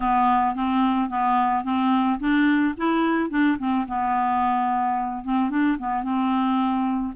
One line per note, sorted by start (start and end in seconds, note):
0.00 0.55 B3
0.55 1.09 C4
1.09 1.64 B3
1.64 2.19 C4
2.19 2.74 D4
2.77 3.30 E4
3.30 3.57 D4
3.58 3.86 C4
3.87 5.24 B3
5.24 5.50 C4
5.50 5.77 D4
5.78 6.03 B3
6.03 7.13 C4